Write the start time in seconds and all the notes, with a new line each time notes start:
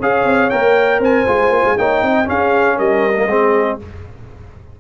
0.00 C#4 G#4 C#5 F5
0.25 C4
0.50 A#3 A#4 G5
1.00 C4 C5 G#5
1.27 G#3 F4
1.50 A#3
1.65 G#3
1.78 A#3 D#4 C#5 G5
2.02 C4 D#5
2.25 C#4 G#4 F5
2.76 G3 A#4 D#5
3.16 A#3
3.27 G#3 C4 G#4